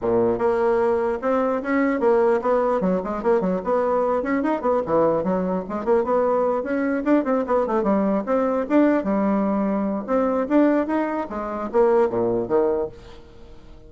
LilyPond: \new Staff \with { instrumentName = "bassoon" } { \time 4/4 \tempo 4 = 149 ais,4 ais2 c'4 | cis'4 ais4 b4 fis8 gis8 | ais8 fis8 b4. cis'8 dis'8 b8 | e4 fis4 gis8 ais8 b4~ |
b8 cis'4 d'8 c'8 b8 a8 g8~ | g8 c'4 d'4 g4.~ | g4 c'4 d'4 dis'4 | gis4 ais4 ais,4 dis4 | }